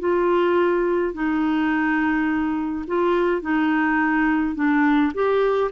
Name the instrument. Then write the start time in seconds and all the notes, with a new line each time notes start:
clarinet
0.00 F4
1.14 D#4
2.88 F4
3.42 D#4
4.56 D4
5.14 G4